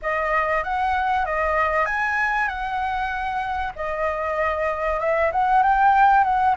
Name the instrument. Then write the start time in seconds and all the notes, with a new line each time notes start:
flute
0.01 D#5
0.63 F#5
1.25 D#5
1.85 G#5
2.47 F#5
3.75 D#5
5.00 E5
5.32 F#5
5.62 G5
6.24 F#5